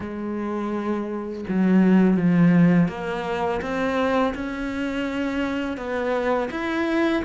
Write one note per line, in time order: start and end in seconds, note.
0.00 1.45 G#3
1.48 2.17 F#3
2.17 2.88 F3
2.88 3.60 A#3
3.61 4.34 C4
4.34 5.77 C#4
5.77 6.49 B3
6.50 7.23 E4